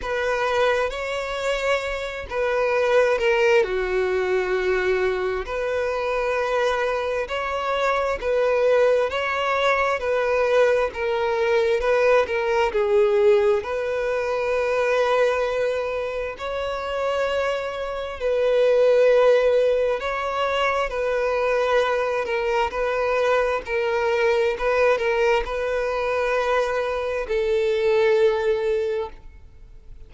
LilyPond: \new Staff \with { instrumentName = "violin" } { \time 4/4 \tempo 4 = 66 b'4 cis''4. b'4 ais'8 | fis'2 b'2 | cis''4 b'4 cis''4 b'4 | ais'4 b'8 ais'8 gis'4 b'4~ |
b'2 cis''2 | b'2 cis''4 b'4~ | b'8 ais'8 b'4 ais'4 b'8 ais'8 | b'2 a'2 | }